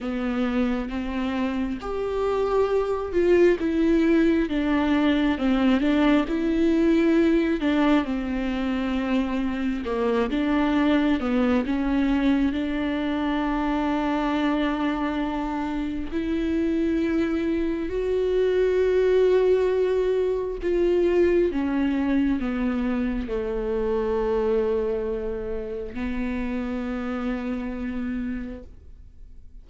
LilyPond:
\new Staff \with { instrumentName = "viola" } { \time 4/4 \tempo 4 = 67 b4 c'4 g'4. f'8 | e'4 d'4 c'8 d'8 e'4~ | e'8 d'8 c'2 ais8 d'8~ | d'8 b8 cis'4 d'2~ |
d'2 e'2 | fis'2. f'4 | cis'4 b4 a2~ | a4 b2. | }